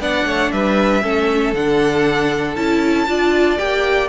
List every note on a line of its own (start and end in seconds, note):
0.00 0.26 B3
0.00 1.02 D4
0.00 0.26 D5
0.00 0.52 F#5
0.26 0.52 A3
0.26 0.52 C#5
0.52 1.04 G3
0.52 1.03 B4
0.52 1.54 E5
1.02 1.54 A3
1.02 1.54 C#4
1.02 3.09 A4
1.54 2.56 D3
1.54 2.56 D4
1.54 2.56 F#5
2.56 3.07 C#4
2.56 3.07 E4
2.56 3.58 A5
3.07 3.58 D4
3.07 3.58 F4
3.07 4.09 D5
3.58 4.09 A#3
3.58 4.09 G4
3.58 4.09 G5